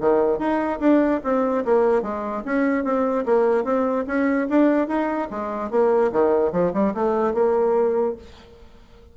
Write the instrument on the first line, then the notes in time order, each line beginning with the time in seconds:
bassoon
0.00 D#3
0.39 D#4
0.80 D4
1.24 C4
1.65 A#3
2.02 G#3
2.45 C#4
2.84 C4
3.25 A#3
3.64 C4
4.07 C#4
4.49 D4
4.88 D#4
5.30 G#3
5.71 A#3
6.12 D#3
6.52 F3
6.73 G3
6.94 A3
7.34 A#3